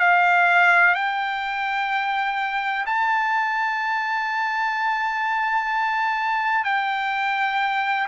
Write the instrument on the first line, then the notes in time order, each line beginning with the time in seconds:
trumpet
0.00 F5
0.95 G5
2.86 A5
6.65 G5